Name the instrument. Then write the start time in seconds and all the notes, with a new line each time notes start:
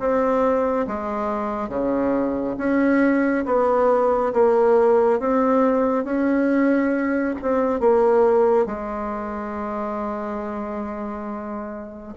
bassoon
0.00 C4
0.88 G#3
1.69 C#3
2.58 C#4
3.46 B3
4.34 A#3
5.20 C4
6.05 C#4
7.42 C4
7.80 A#3
8.66 G#3